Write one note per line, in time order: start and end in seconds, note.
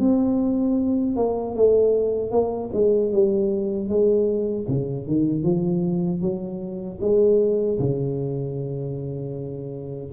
0.00 1.17 C4
1.17 1.55 A#3
1.55 2.31 A3
2.31 2.70 A#3
2.73 3.12 G#3
3.12 3.89 G3
3.89 4.67 G#3
4.68 5.07 C#3
5.07 5.44 D#3
5.44 6.22 F3
6.22 7.00 F#3
7.01 7.79 G#3
7.79 10.13 C#3